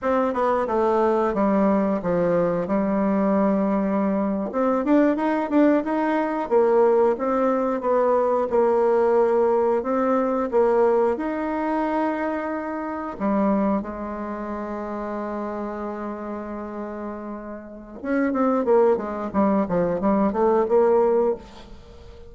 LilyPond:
\new Staff \with { instrumentName = "bassoon" } { \time 4/4 \tempo 4 = 90 c'8 b8 a4 g4 f4 | g2~ g8. c'8 d'8 dis'16~ | dis'16 d'8 dis'4 ais4 c'4 b16~ | b8. ais2 c'4 ais16~ |
ais8. dis'2. g16~ | g8. gis2.~ gis16~ | gis2. cis'8 c'8 | ais8 gis8 g8 f8 g8 a8 ais4 | }